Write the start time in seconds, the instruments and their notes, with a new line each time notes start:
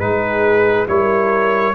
0.00 tuba G#3, trombone D#4, horn G#4, trumpet B4
0.88 tuba G3, trombone E4, horn A#4, trumpet C#5